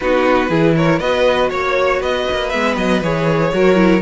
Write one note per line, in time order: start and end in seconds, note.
0.00 0.49 B3
0.00 0.49 D#4
0.00 0.49 F#4
0.00 0.75 B4
0.49 0.99 E3
0.49 1.00 E4
0.49 0.74 G#4
0.76 1.00 A#4
0.76 0.99 C#5
0.99 1.50 B3
0.99 2.52 F#4
0.99 1.49 B4
0.99 1.49 D#5
1.49 2.01 A#3
1.49 2.00 C#5
1.49 2.02 C#5
2.00 2.27 B3
2.00 3.51 B4
2.00 2.49 D#5
2.31 2.53 A#3
2.49 2.77 G#3
2.49 3.02 B3
2.49 2.75 E5
2.77 3.01 F#3
2.77 3.02 D#5
3.01 3.51 E3
3.01 3.53 G#4
3.01 4.02 C#5
3.53 4.02 F#3
3.53 3.75 F#4
3.53 4.02 A#4
3.75 4.00 E4